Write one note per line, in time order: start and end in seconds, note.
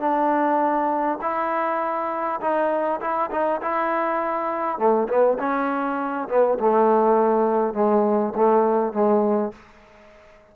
0.00 1.19 D4
1.22 2.40 E4
2.41 3.00 D#4
3.01 3.30 E4
3.31 3.61 D#4
3.62 4.78 E4
4.78 5.08 A3
5.08 5.38 B3
5.39 6.28 C#4
6.29 6.58 B3
6.59 7.74 A3
7.74 8.34 G#3
8.35 8.93 A3
8.93 9.52 G#3